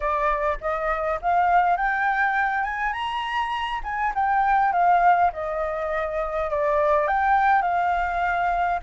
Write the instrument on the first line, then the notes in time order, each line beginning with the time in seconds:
flute
0.00 D5
0.60 D#5
1.21 F5
1.76 G5
2.63 G#5
2.93 A#5
3.83 G#5
4.14 G5
4.72 F5
5.32 D#5
6.50 D5
7.07 G5
7.62 F5